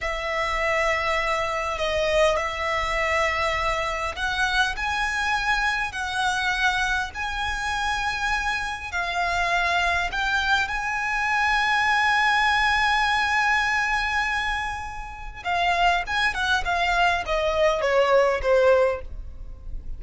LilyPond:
\new Staff \with { instrumentName = "violin" } { \time 4/4 \tempo 4 = 101 e''2. dis''4 | e''2. fis''4 | gis''2 fis''2 | gis''2. f''4~ |
f''4 g''4 gis''2~ | gis''1~ | gis''2 f''4 gis''8 fis''8 | f''4 dis''4 cis''4 c''4 | }